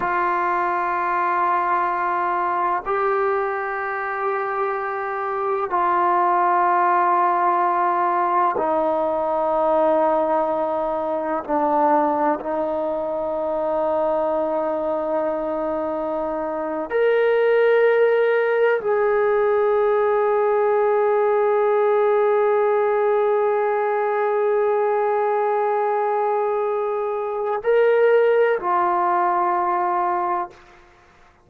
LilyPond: \new Staff \with { instrumentName = "trombone" } { \time 4/4 \tempo 4 = 63 f'2. g'4~ | g'2 f'2~ | f'4 dis'2. | d'4 dis'2.~ |
dis'4.~ dis'16 ais'2 gis'16~ | gis'1~ | gis'1~ | gis'4 ais'4 f'2 | }